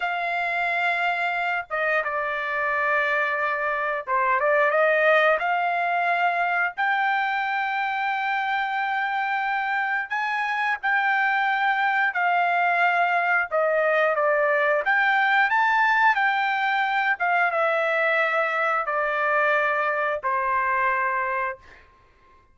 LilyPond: \new Staff \with { instrumentName = "trumpet" } { \time 4/4 \tempo 4 = 89 f''2~ f''8 dis''8 d''4~ | d''2 c''8 d''8 dis''4 | f''2 g''2~ | g''2. gis''4 |
g''2 f''2 | dis''4 d''4 g''4 a''4 | g''4. f''8 e''2 | d''2 c''2 | }